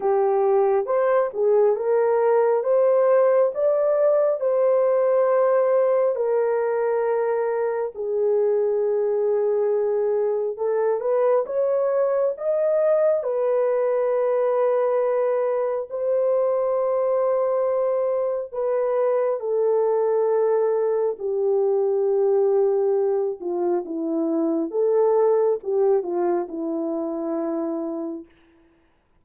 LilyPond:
\new Staff \with { instrumentName = "horn" } { \time 4/4 \tempo 4 = 68 g'4 c''8 gis'8 ais'4 c''4 | d''4 c''2 ais'4~ | ais'4 gis'2. | a'8 b'8 cis''4 dis''4 b'4~ |
b'2 c''2~ | c''4 b'4 a'2 | g'2~ g'8 f'8 e'4 | a'4 g'8 f'8 e'2 | }